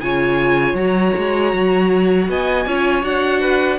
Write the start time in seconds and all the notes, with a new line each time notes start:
0.00 C#3 F4 C#5 G#5
0.73 F#3 F#4 A#5
1.17 G#3
1.53 F#3
2.28 B3 D#5 G#5
2.66 C#4 F4 C#5
3.02 D4 F#4 F#5
3.40 B4